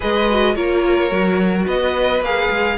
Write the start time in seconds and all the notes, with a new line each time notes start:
0.00 G#3 G#4 B4 D#5
0.30 F#4
0.55 A#3 F4 A#4 C#5
1.09 F#3 F#4
1.66 B3 B4 D#5
2.20 A#3 G#4 F5
2.49 G#3